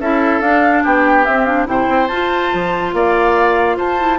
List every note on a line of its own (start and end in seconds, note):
0.00 0.41 C#4
0.00 0.42 E4
0.00 0.84 A4
0.00 0.42 E5
0.41 0.83 D4
0.41 1.26 D4
0.41 0.84 F5
0.84 1.28 B3
0.84 1.68 G4
0.84 1.26 G5
1.26 1.67 C4
1.26 1.47 C4
1.26 1.45 E5
1.45 1.67 D4
1.45 1.66 F5
1.67 1.88 C3
1.67 2.09 E4
1.67 2.96 C5
1.67 2.08 G5
1.89 2.09 C4
2.08 2.51 F4
2.08 3.99 F4
2.08 2.92 A5
2.54 2.94 F3
2.94 3.77 A#3
2.94 3.77 D5
2.94 3.78 F5
3.77 4.19 F4
3.77 4.19 C5
3.77 4.19 A5
3.99 4.19 E4